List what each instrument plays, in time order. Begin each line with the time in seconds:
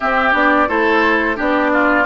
0.00 clarinet C4, bassoon C4, oboe G4, flute E5
0.32 bassoon B3, clarinet D4, flute D5
0.67 bassoon A3, clarinet E4, oboe A4, flute C5
1.35 bassoon B3, clarinet D4, oboe G4, flute D5
1.73 oboe F4